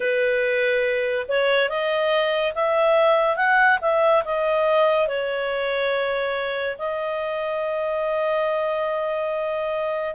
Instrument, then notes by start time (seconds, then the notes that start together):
clarinet
0.00 B4
1.28 C#5
1.69 D#5
2.54 E5
3.36 F#5
3.81 E5
4.24 D#5
5.07 C#5
6.78 D#5